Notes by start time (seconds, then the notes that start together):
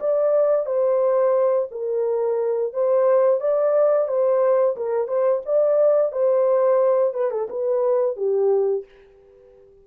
0.00 D5
0.66 C5
1.71 A#4
2.73 C5
3.40 D5
4.08 C5
4.76 A#4
5.07 C5
5.45 D5
6.12 C5
7.13 B4
7.31 A4
7.49 B4
8.16 G4